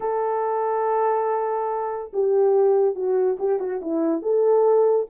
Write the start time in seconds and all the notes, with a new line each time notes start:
0.00 A4
2.13 G4
2.95 F#4
3.39 G4
3.59 F#4
3.81 E4
4.22 A4